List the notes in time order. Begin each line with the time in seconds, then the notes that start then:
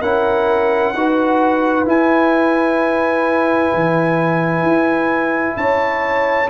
0.00 C#4 E4 A#4 F#5
0.93 D#4 F#4 B4
1.85 E4 G#5
3.74 E3
4.62 E4
5.56 C#4 C#5 A5